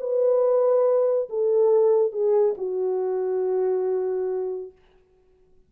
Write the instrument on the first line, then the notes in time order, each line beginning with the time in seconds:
horn
0.00 B4
1.29 A4
2.12 G#4
2.57 F#4